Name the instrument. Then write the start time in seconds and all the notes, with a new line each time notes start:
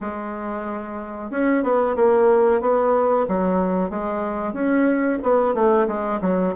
bassoon
0.01 G#3
1.30 C#4
1.63 B3
1.96 A#3
2.61 B3
3.28 F#3
3.90 G#3
4.53 C#4
5.23 B3
5.54 A3
5.87 G#3
6.21 F#3